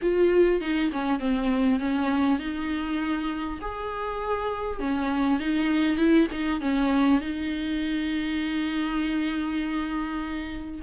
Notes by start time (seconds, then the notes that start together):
0.01 F4
0.60 D#4
0.92 C#4
1.19 C4
1.79 C#4
2.39 D#4
3.61 G#4
4.79 C#4
5.39 D#4
5.97 E4
6.31 D#4
6.60 C#4
7.21 D#4